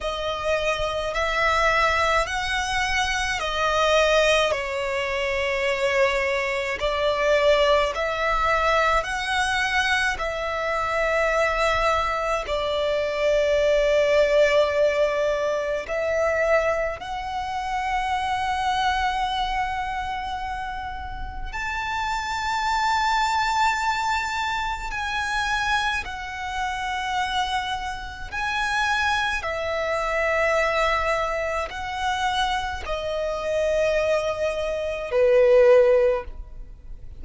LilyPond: \new Staff \with { instrumentName = "violin" } { \time 4/4 \tempo 4 = 53 dis''4 e''4 fis''4 dis''4 | cis''2 d''4 e''4 | fis''4 e''2 d''4~ | d''2 e''4 fis''4~ |
fis''2. a''4~ | a''2 gis''4 fis''4~ | fis''4 gis''4 e''2 | fis''4 dis''2 b'4 | }